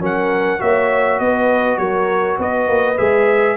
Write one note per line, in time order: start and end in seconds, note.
0.00 0.60 F#3
0.00 0.59 C#4
0.00 0.61 A#4
0.00 0.61 F#5
0.59 1.20 A#3
0.59 2.97 F#4
0.59 1.20 C#5
0.59 1.20 E5
1.20 1.78 B3
1.20 1.80 B4
1.20 1.78 D#5
1.78 2.38 F#3
1.78 2.39 A#4
1.78 2.37 C#5
2.38 2.68 B3
2.38 3.57 B4
2.38 2.98 D#5
2.68 2.98 A#3
2.98 3.57 G#3
2.98 3.57 G#4
2.98 3.57 E5